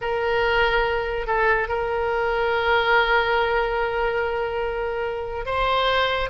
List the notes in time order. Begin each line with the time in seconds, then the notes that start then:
0.01 A#4
1.26 A4
1.68 A#4
5.45 C5